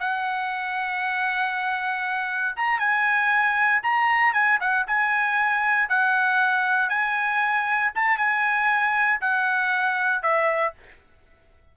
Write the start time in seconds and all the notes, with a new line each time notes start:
0.00 F#5
2.57 A#5
2.80 G#5
3.83 A#5
4.33 G#5
4.61 F#5
4.87 G#5
5.89 F#5
6.90 G#5
7.96 A5
8.18 G#5
9.21 F#5
10.23 E5